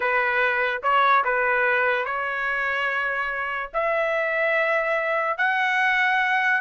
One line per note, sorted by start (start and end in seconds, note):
0.00 0.81 B4
0.82 1.24 C#5
1.24 2.05 B4
2.05 3.70 C#5
3.73 5.37 E5
5.37 6.61 F#5